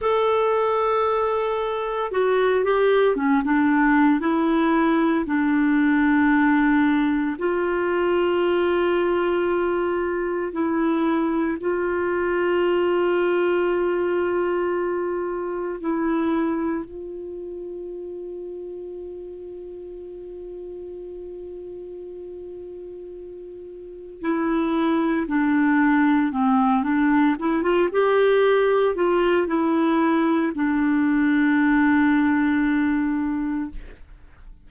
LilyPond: \new Staff \with { instrumentName = "clarinet" } { \time 4/4 \tempo 4 = 57 a'2 fis'8 g'8 cis'16 d'8. | e'4 d'2 f'4~ | f'2 e'4 f'4~ | f'2. e'4 |
f'1~ | f'2. e'4 | d'4 c'8 d'8 e'16 f'16 g'4 f'8 | e'4 d'2. | }